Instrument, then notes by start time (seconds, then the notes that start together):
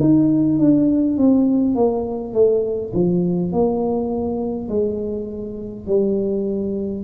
tuba
0.00 D#4
0.59 D4
1.18 C4
1.75 A#3
2.34 A3
2.94 F3
3.52 A#3
4.69 G#3
5.87 G3